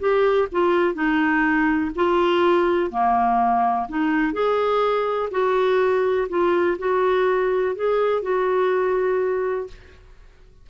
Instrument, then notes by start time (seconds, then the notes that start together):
clarinet
0.00 G4
0.52 F4
0.94 D#4
1.96 F4
2.90 A#3
3.88 D#4
4.33 G#4
5.31 F#4
6.29 F4
6.79 F#4
7.75 G#4
8.22 F#4